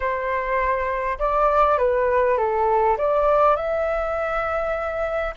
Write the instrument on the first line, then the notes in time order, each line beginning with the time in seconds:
flute
0.00 C5
1.19 D5
1.78 B4
2.37 A4
2.97 D5
3.56 E5